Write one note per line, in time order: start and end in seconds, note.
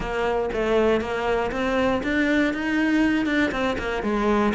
0.00 0.49 A#3
0.53 1.00 A3
1.00 1.51 A#3
1.51 2.02 C4
2.03 2.53 D4
2.53 3.26 D#4
3.26 3.51 D4
3.51 3.77 C4
3.78 4.02 A#3
4.02 4.53 G#3